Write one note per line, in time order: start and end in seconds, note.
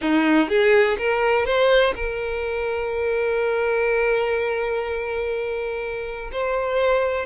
0.01 0.48 D#4
0.48 0.97 G#4
0.98 1.45 A#4
1.45 1.94 C5
1.95 6.30 A#4
6.32 7.26 C5